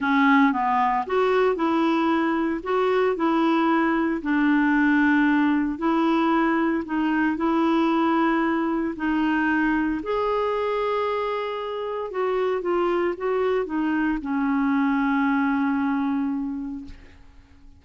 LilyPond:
\new Staff \with { instrumentName = "clarinet" } { \time 4/4 \tempo 4 = 114 cis'4 b4 fis'4 e'4~ | e'4 fis'4 e'2 | d'2. e'4~ | e'4 dis'4 e'2~ |
e'4 dis'2 gis'4~ | gis'2. fis'4 | f'4 fis'4 dis'4 cis'4~ | cis'1 | }